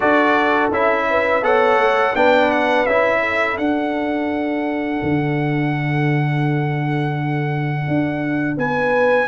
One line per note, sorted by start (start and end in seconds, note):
0.00 0.70 D4
0.00 0.71 F#4
0.00 1.07 A4
0.00 0.70 D5
0.70 1.42 C#4
0.70 1.42 E4
0.70 1.44 E5
1.10 1.44 B4
1.42 1.76 B3
1.42 2.13 A4
1.42 2.15 C#5
1.42 2.15 F#5
1.76 2.12 A3
2.15 2.86 B3
2.15 2.87 D4
2.15 3.20 B4
2.15 2.51 G5
2.51 2.85 F#5
2.85 3.57 C#4
2.85 3.58 E4
2.85 3.57 E5
3.20 8.56 A4
3.57 5.00 D4
3.57 9.27 D4
3.57 8.57 F#5
5.02 7.87 D3
7.87 8.57 D4
8.57 9.27 B3
8.57 9.27 B4
8.57 9.27 G#5